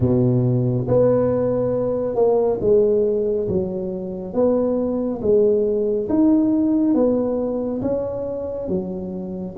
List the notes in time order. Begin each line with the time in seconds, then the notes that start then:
0.00 B2
0.88 B3
2.15 A#3
2.60 G#3
3.48 F#3
4.33 B3
5.21 G#3
6.09 D#4
6.94 B3
7.81 C#4
8.68 F#3